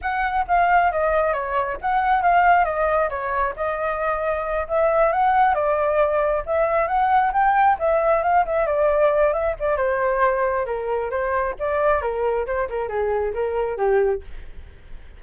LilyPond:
\new Staff \with { instrumentName = "flute" } { \time 4/4 \tempo 4 = 135 fis''4 f''4 dis''4 cis''4 | fis''4 f''4 dis''4 cis''4 | dis''2~ dis''8 e''4 fis''8~ | fis''8 d''2 e''4 fis''8~ |
fis''8 g''4 e''4 f''8 e''8 d''8~ | d''4 e''8 d''8 c''2 | ais'4 c''4 d''4 ais'4 | c''8 ais'8 gis'4 ais'4 g'4 | }